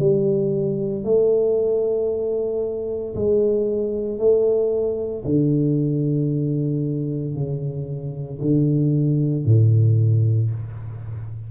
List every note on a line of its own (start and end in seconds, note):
0.00 1.04 G3
1.04 3.15 A3
3.15 4.19 G#3
4.19 5.24 A3
5.25 7.35 D3
7.35 8.40 C#3
8.42 9.46 D3
9.46 10.51 A2